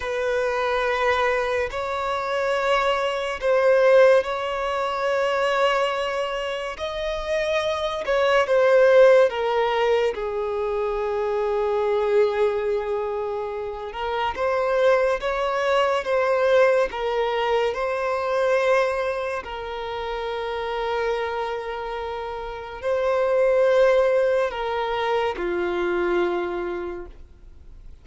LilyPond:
\new Staff \with { instrumentName = "violin" } { \time 4/4 \tempo 4 = 71 b'2 cis''2 | c''4 cis''2. | dis''4. cis''8 c''4 ais'4 | gis'1~ |
gis'8 ais'8 c''4 cis''4 c''4 | ais'4 c''2 ais'4~ | ais'2. c''4~ | c''4 ais'4 f'2 | }